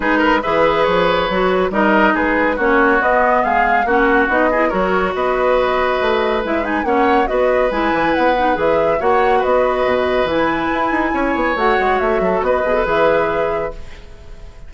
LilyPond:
<<
  \new Staff \with { instrumentName = "flute" } { \time 4/4 \tempo 4 = 140 b'4 e''4 cis''2 | dis''4 b'4 cis''4 dis''4 | f''4 fis''4 dis''4 cis''4 | dis''2. e''8 gis''8 |
fis''4 dis''4 gis''4 fis''4 | e''4 fis''4 dis''2 | gis''2. fis''4 | e''4 dis''4 e''2 | }
  \new Staff \with { instrumentName = "oboe" } { \time 4/4 gis'8 ais'8 b'2. | ais'4 gis'4 fis'2 | gis'4 fis'4. gis'8 ais'4 | b'1 |
cis''4 b'2.~ | b'4 cis''4 b'2~ | b'2 cis''2~ | cis''8 a'8 b'2. | }
  \new Staff \with { instrumentName = "clarinet" } { \time 4/4 dis'4 gis'2 fis'4 | dis'2 cis'4 b4~ | b4 cis'4 dis'8 e'8 fis'4~ | fis'2. e'8 dis'8 |
cis'4 fis'4 e'4. dis'8 | gis'4 fis'2. | e'2. fis'4~ | fis'4. gis'16 a'16 gis'2 | }
  \new Staff \with { instrumentName = "bassoon" } { \time 4/4 gis4 e4 f4 fis4 | g4 gis4 ais4 b4 | gis4 ais4 b4 fis4 | b2 a4 gis4 |
ais4 b4 gis8 e8 b4 | e4 ais4 b4 b,4 | e4 e'8 dis'8 cis'8 b8 a8 gis8 | a8 fis8 b8 b,8 e2 | }
>>